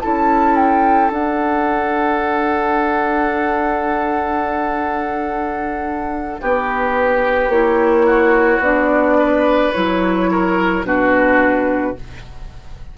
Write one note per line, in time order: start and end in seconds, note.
0.00 1.10 C#4
0.00 1.12 E4
0.00 6.41 A4
0.00 0.55 A5
0.55 1.11 G5
1.10 6.37 D4
1.10 7.51 D4
1.10 6.41 F#5
6.41 7.48 B3
6.41 8.06 G4
6.41 7.50 B4
7.48 8.59 A#3
7.48 8.62 E4
7.48 8.61 C#5
8.06 9.17 F#4
8.59 9.70 B3
8.59 9.74 D4
8.59 9.73 D5
9.19 10.30 B4
9.73 10.83 F#3
9.73 10.84 E4
9.73 10.84 C#5
10.31 10.86 A#4
10.83 11.94 B2
10.83 11.95 D4
10.83 11.97 F#4
10.83 11.97 B4